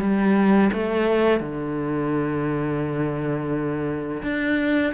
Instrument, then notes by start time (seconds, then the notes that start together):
cello
0.00 G3
0.73 A3
1.40 D3
4.23 D4